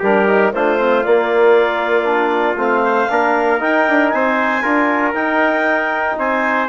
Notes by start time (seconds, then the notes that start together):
0.00 G3 D4 G4 A#4
0.28 D#4
0.54 A3 D4 F4 C5
0.79 C4
1.04 A#3 D5
2.04 D4
2.56 A3 C4 F5
2.85 C5
3.10 A#3 D4 A#4
3.60 D#4 G5
3.89 D4
4.10 C4 C5 G#5
4.63 D4 F4 A#4
5.15 D#4 G5
6.19 C4 C5 G#5